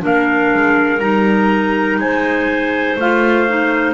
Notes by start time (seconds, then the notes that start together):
0.00 A#3 D4 A#4 F5
0.53 G#3
0.99 G3 D#4 A#5
1.97 G#3 C5 G#5
2.96 A3 F4 F5
3.48 D#4